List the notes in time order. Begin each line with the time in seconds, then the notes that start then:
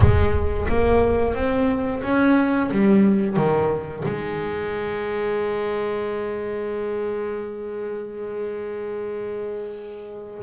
0.00 G#3
0.68 A#3
1.34 C4
2.02 C#4
2.71 G3
3.36 D#3
4.04 G#3